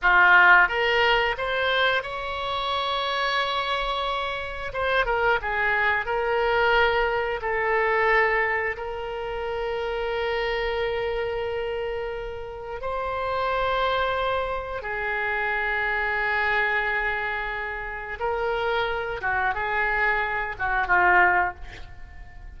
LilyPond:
\new Staff \with { instrumentName = "oboe" } { \time 4/4 \tempo 4 = 89 f'4 ais'4 c''4 cis''4~ | cis''2. c''8 ais'8 | gis'4 ais'2 a'4~ | a'4 ais'2.~ |
ais'2. c''4~ | c''2 gis'2~ | gis'2. ais'4~ | ais'8 fis'8 gis'4. fis'8 f'4 | }